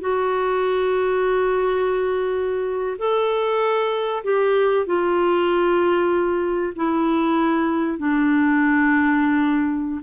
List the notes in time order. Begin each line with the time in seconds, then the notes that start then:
0.00 F#4
2.98 A4
4.24 G4
4.86 F4
6.76 E4
7.98 D4